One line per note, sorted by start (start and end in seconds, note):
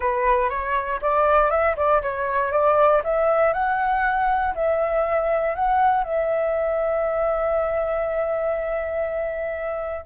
0.00 0.49 B4
0.49 1.00 C#5
1.01 1.50 D5
1.50 1.75 E5
1.76 2.01 D5
2.02 2.51 C#5
2.51 3.02 D5
3.03 3.53 E5
3.53 4.54 F#5
4.54 5.55 E5
5.55 6.03 F#5
6.03 10.05 E5